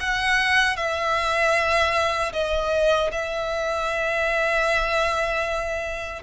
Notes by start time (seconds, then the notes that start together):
0.00 F#5
0.77 E5
2.33 D#5
3.12 E5